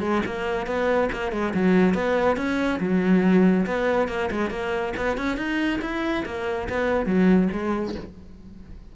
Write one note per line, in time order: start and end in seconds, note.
0.00 0.21 G#3
0.25 0.66 A#3
0.66 1.09 B3
1.12 1.32 A#3
1.32 1.53 G#3
1.54 1.94 F#3
1.94 2.36 B3
2.36 2.79 C#4
2.80 3.65 F#3
3.66 4.08 B3
4.08 4.30 A#3
4.31 4.50 G#3
4.50 4.93 A#3
4.96 5.17 B3
5.17 5.37 C#4
5.37 5.80 D#4
5.81 6.24 E4
6.25 6.68 A#3
6.69 7.06 B3
7.06 7.48 F#3
7.52 7.95 G#3